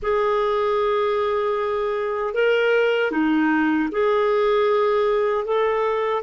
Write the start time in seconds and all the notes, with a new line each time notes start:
0.02 G#4
2.34 A#4
3.11 D#4
3.91 G#4
5.44 A4